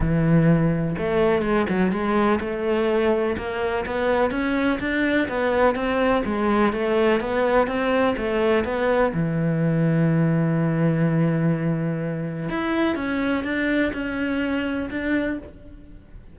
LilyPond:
\new Staff \with { instrumentName = "cello" } { \time 4/4 \tempo 4 = 125 e2 a4 gis8 fis8 | gis4 a2 ais4 | b4 cis'4 d'4 b4 | c'4 gis4 a4 b4 |
c'4 a4 b4 e4~ | e1~ | e2 e'4 cis'4 | d'4 cis'2 d'4 | }